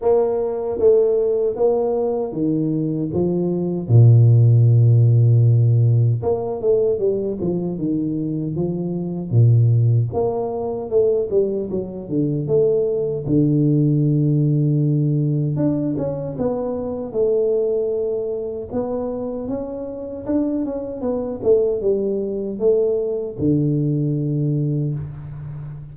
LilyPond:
\new Staff \with { instrumentName = "tuba" } { \time 4/4 \tempo 4 = 77 ais4 a4 ais4 dis4 | f4 ais,2. | ais8 a8 g8 f8 dis4 f4 | ais,4 ais4 a8 g8 fis8 d8 |
a4 d2. | d'8 cis'8 b4 a2 | b4 cis'4 d'8 cis'8 b8 a8 | g4 a4 d2 | }